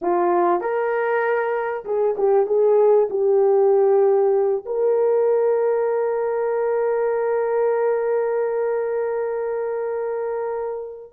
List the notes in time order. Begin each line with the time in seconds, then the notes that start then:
0.01 F4
0.60 A#4
1.84 G#4
2.17 G4
2.46 G#4
3.10 G4
4.65 A#4